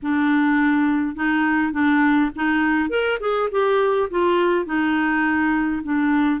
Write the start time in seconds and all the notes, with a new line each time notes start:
0.02 D4
1.15 D#4
1.72 D4
2.35 D#4
2.89 A#4
3.20 G#4
3.51 G4
4.10 F4
4.65 D#4
5.83 D4